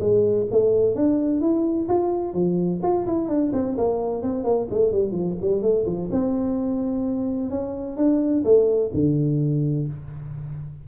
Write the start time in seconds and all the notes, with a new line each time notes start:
0.00 G#3
0.51 A3
0.95 D4
1.41 E4
1.88 F4
2.34 F3
2.83 F4
3.07 E4
3.28 D4
3.53 C4
3.77 A#3
4.22 C4
4.44 A#3
4.70 A3
4.92 G3
5.12 F3
5.41 G3
5.62 A3
5.86 F3
6.12 C4
7.50 C#4
7.97 D4
8.44 A3
8.94 D3